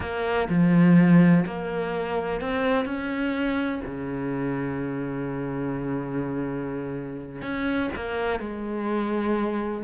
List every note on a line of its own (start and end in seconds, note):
0.00 0.48 A#3
0.49 1.45 F3
1.45 2.40 A#3
2.40 2.85 C4
2.85 3.81 C#4
3.85 7.42 C#3
7.42 7.90 C#4
7.95 8.39 A#3
8.39 9.83 G#3